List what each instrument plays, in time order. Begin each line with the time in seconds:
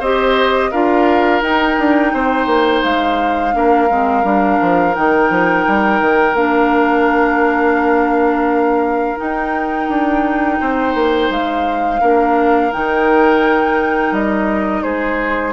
0.00 bassoon C4, clarinet G4, oboe C5, flute D#5
0.71 bassoon D4, clarinet F4, oboe A#4, flute F5
1.42 bassoon D#4, clarinet D#4, flute G5
1.79 bassoon D4
2.14 bassoon C4, oboe C5
2.47 bassoon A#3
2.84 bassoon G#3, flute F5
3.54 bassoon A#3, clarinet D4, oboe A#4
3.91 bassoon G#3, clarinet C4
4.24 bassoon G3, clarinet D4
4.61 bassoon F3
4.94 bassoon D#3, clarinet D#4, flute G5
5.30 bassoon F3
5.68 bassoon G3
6.01 bassoon D#3
6.34 bassoon A#3, clarinet D4, flute F5
9.17 clarinet D#4, bassoon D#4, flute G5
9.89 bassoon D4
10.61 bassoon C4, oboe C5
10.95 bassoon A#3
11.30 bassoon G#3, flute F5
12.01 bassoon A#3, clarinet D4, oboe A#4
12.72 bassoon D#3, clarinet D#4, flute G5
14.12 bassoon G3, flute D#5
14.83 bassoon G#3, oboe G#4, flute C5